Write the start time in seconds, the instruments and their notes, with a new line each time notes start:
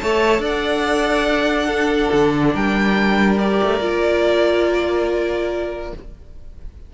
0.00 cello A3, viola A4, violin C#5 A5
0.39 cello D4, violin D5
0.45 violin F#5
1.66 viola D4, violin A4
2.12 cello D3
2.54 cello G3, violin A#4 G5
3.39 viola G4, violin D5
3.63 cello A3
3.80 cello A#3, viola F4